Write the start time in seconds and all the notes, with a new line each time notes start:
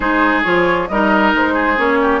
0.00 G#3 D#4 G#4 C5
0.43 F3 F4 C#5
0.87 G3 D#4 A#4 D#5
1.34 G#3 C5
1.53 G#4
1.77 A#3 C#4 C#5
2.01 G4